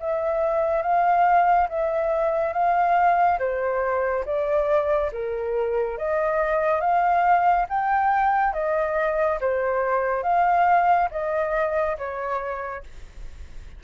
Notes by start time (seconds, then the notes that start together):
0.00 E5
0.83 F5
1.69 E5
2.53 F5
3.39 C5
4.25 D5
5.13 A#4
5.98 D#5
6.81 F5
7.69 G5
8.54 D#5
9.41 C5
10.24 F5
11.12 D#5
11.98 C#5